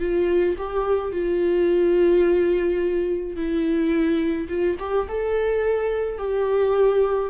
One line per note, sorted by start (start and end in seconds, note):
0.00 0.56 F4
0.58 1.12 G4
1.12 3.36 F4
3.36 4.49 E4
4.49 4.77 F4
4.80 5.08 G4
5.09 6.18 A4
6.18 7.30 G4